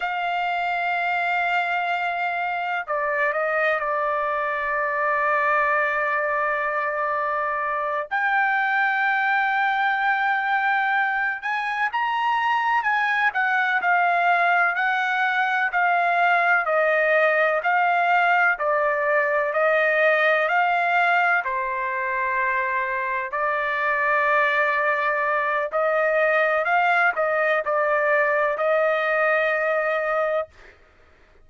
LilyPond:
\new Staff \with { instrumentName = "trumpet" } { \time 4/4 \tempo 4 = 63 f''2. d''8 dis''8 | d''1~ | d''8 g''2.~ g''8 | gis''8 ais''4 gis''8 fis''8 f''4 fis''8~ |
fis''8 f''4 dis''4 f''4 d''8~ | d''8 dis''4 f''4 c''4.~ | c''8 d''2~ d''8 dis''4 | f''8 dis''8 d''4 dis''2 | }